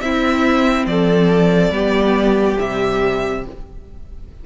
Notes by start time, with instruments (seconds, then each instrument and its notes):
0.00 viola C4, cello C4, violin E4 E5
0.86 cello F3, violin A4 D5
1.70 cello G3, viola B3, violin G4
2.58 cello C3, viola G3, violin E5